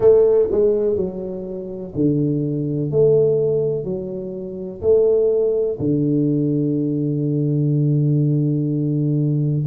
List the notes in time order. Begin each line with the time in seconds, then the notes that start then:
0.00 A3
0.51 G#3
0.96 F#3
1.94 D3
2.90 A3
3.84 F#3
4.81 A3
5.78 D3